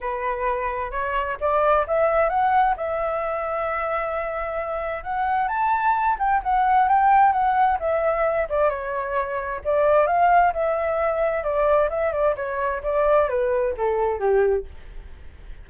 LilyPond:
\new Staff \with { instrumentName = "flute" } { \time 4/4 \tempo 4 = 131 b'2 cis''4 d''4 | e''4 fis''4 e''2~ | e''2. fis''4 | a''4. g''8 fis''4 g''4 |
fis''4 e''4. d''8 cis''4~ | cis''4 d''4 f''4 e''4~ | e''4 d''4 e''8 d''8 cis''4 | d''4 b'4 a'4 g'4 | }